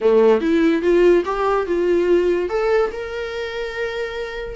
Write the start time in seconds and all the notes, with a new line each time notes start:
0.00 A3
0.40 E4
0.82 F4
1.25 G4
1.66 F4
2.49 A4
2.91 A#4